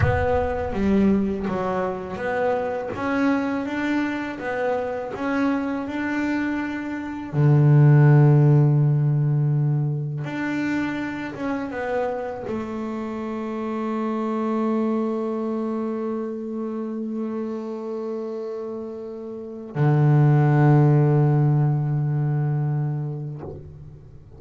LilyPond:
\new Staff \with { instrumentName = "double bass" } { \time 4/4 \tempo 4 = 82 b4 g4 fis4 b4 | cis'4 d'4 b4 cis'4 | d'2 d2~ | d2 d'4. cis'8 |
b4 a2.~ | a1~ | a2. d4~ | d1 | }